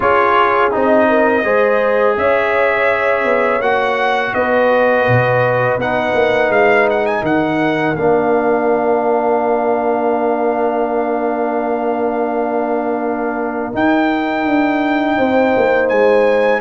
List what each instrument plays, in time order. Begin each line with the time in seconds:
0.00 tuba C#4, trombone F4, horn G#4, trumpet C#5
0.71 tuba C4, trombone D#4, trumpet D#5
1.09 horn A#4
1.44 tuba G#3, trombone G#4, horn C5
2.17 tuba C#4, horn C#5, trumpet E5
3.24 tuba B3
3.60 tuba A#3, trombone F#4, trumpet F#5
4.33 tuba B3, horn B4, trumpet D#5
5.08 tuba B2
5.76 tuba B3, trombone D#4, trumpet F#5
6.14 tuba A#3
6.49 tuba G#3, trumpet F5
6.89 trumpet F#5
7.05 trumpet G#5
7.20 tuba D#3, horn A#4, trumpet F#5
7.95 tuba A#3, trombone D4, trumpet F5
13.72 trombone D#4, tuba D#4, trumpet G5
14.45 tuba D4
15.17 tuba C4, horn C5
15.56 tuba A#3
15.88 tuba G#3, trumpet G#5